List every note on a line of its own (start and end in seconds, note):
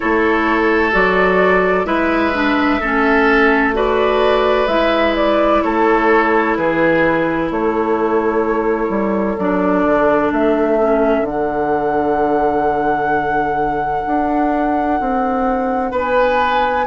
0.00 0.94 A3
0.00 0.92 E4
0.00 1.86 A4
0.00 0.92 C#5
0.92 1.85 F#3
0.92 1.85 F#4
0.92 1.85 D5
1.85 2.79 G#3
1.85 2.32 E4
1.85 2.80 B4
1.85 3.73 E5
2.33 2.80 D4
2.80 4.67 A3
2.80 3.73 C#4
2.80 3.74 A4
3.73 4.67 F#4
3.73 5.63 B4
3.73 4.67 D5
4.67 5.61 G#3
4.67 9.37 E4
4.67 5.14 E5
5.15 5.62 D5
5.62 6.57 A3
5.62 6.57 A4
5.62 6.55 C#5
6.56 7.51 E3
6.56 7.51 G#4
6.56 7.50 B4
7.51 8.89 A3
7.51 15.91 A4
7.51 9.38 C#5
8.89 9.36 G3
9.38 9.85 F#3
9.38 10.79 D4
9.38 10.31 D5
9.85 10.31 D3
10.31 11.21 A3
10.31 11.25 E5
10.79 11.26 C#4
11.21 14.02 D3
11.21 16.87 D4
11.21 15.94 F#5
14.06 15.00 D4
15.00 15.92 C4
15.91 16.86 B3
15.91 16.85 B4
15.97 16.87 G#5